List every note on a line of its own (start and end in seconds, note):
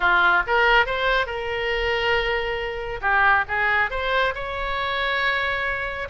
0.00 0.42 F4
0.46 0.86 A#4
0.86 1.26 C5
1.26 3.00 A#4
3.01 3.44 G4
3.47 3.90 G#4
3.90 4.34 C5
4.34 6.08 C#5